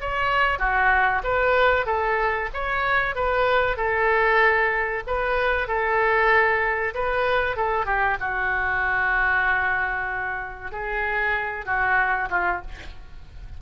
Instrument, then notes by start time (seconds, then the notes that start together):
oboe
0.00 C#5
0.59 F#4
1.23 B4
1.86 A4
2.53 C#5
3.15 B4
3.76 A4
5.06 B4
5.67 A4
6.94 B4
7.56 A4
7.85 G4
8.20 F#4
10.71 G#4
11.65 F#4
12.30 F4